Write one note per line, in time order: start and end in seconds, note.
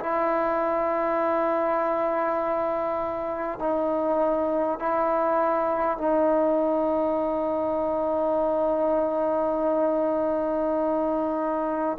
0.00 3.59 E4
3.59 4.79 D#4
4.79 5.98 E4
5.98 11.98 D#4